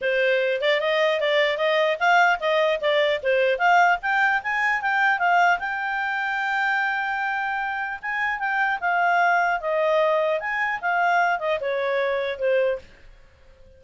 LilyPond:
\new Staff \with { instrumentName = "clarinet" } { \time 4/4 \tempo 4 = 150 c''4. d''8 dis''4 d''4 | dis''4 f''4 dis''4 d''4 | c''4 f''4 g''4 gis''4 | g''4 f''4 g''2~ |
g''1 | gis''4 g''4 f''2 | dis''2 gis''4 f''4~ | f''8 dis''8 cis''2 c''4 | }